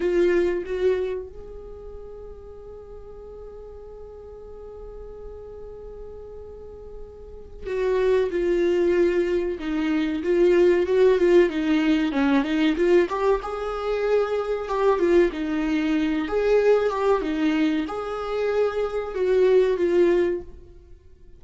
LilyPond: \new Staff \with { instrumentName = "viola" } { \time 4/4 \tempo 4 = 94 f'4 fis'4 gis'2~ | gis'1~ | gis'1 | fis'4 f'2 dis'4 |
f'4 fis'8 f'8 dis'4 cis'8 dis'8 | f'8 g'8 gis'2 g'8 f'8 | dis'4. gis'4 g'8 dis'4 | gis'2 fis'4 f'4 | }